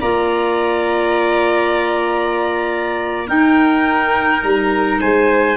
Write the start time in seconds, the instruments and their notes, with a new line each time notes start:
0.00 tuba A#3, clarinet F4, violin D5, trumpet A#5
3.27 clarinet D#4, tuba D#4, violin A#4, trumpet G5
4.43 tuba G3, trumpet A#5
5.00 tuba G#3, violin C5, trumpet G#5